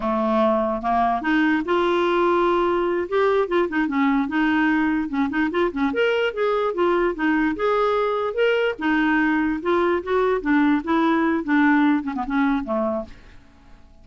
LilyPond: \new Staff \with { instrumentName = "clarinet" } { \time 4/4 \tempo 4 = 147 a2 ais4 dis'4 | f'2.~ f'8 g'8~ | g'8 f'8 dis'8 cis'4 dis'4.~ | dis'8 cis'8 dis'8 f'8 cis'8 ais'4 gis'8~ |
gis'8 f'4 dis'4 gis'4.~ | gis'8 ais'4 dis'2 f'8~ | f'8 fis'4 d'4 e'4. | d'4. cis'16 b16 cis'4 a4 | }